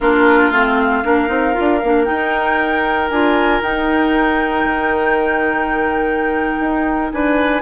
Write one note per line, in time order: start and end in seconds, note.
0.00 0.50 A#3
0.00 0.53 D4
0.00 1.04 F4
0.00 0.52 A#4
0.50 1.02 A3
0.50 1.04 C4
0.50 2.04 F5
1.04 1.28 A#3
1.04 1.27 D4
1.04 7.12 A#4
1.27 1.54 C4
1.27 1.53 D#4
1.53 1.83 D4
1.53 1.79 F4
1.83 2.08 A#3
1.83 2.05 D4
2.04 3.08 D#4
2.04 3.10 D#4
2.04 3.08 G5
3.09 3.61 D4
3.09 3.63 F4
3.09 3.61 G#5
3.61 4.64 D#4
3.61 7.62 D#4
3.61 7.11 G5
4.64 6.58 D#3
6.60 7.11 D#4
7.11 7.62 D4
7.11 7.62 B4
7.11 7.62 G#5